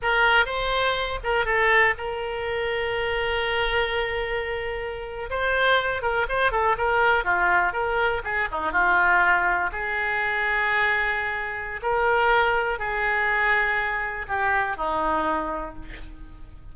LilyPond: \new Staff \with { instrumentName = "oboe" } { \time 4/4 \tempo 4 = 122 ais'4 c''4. ais'8 a'4 | ais'1~ | ais'2~ ais'8. c''4~ c''16~ | c''16 ais'8 c''8 a'8 ais'4 f'4 ais'16~ |
ais'8. gis'8 dis'8 f'2 gis'16~ | gis'1 | ais'2 gis'2~ | gis'4 g'4 dis'2 | }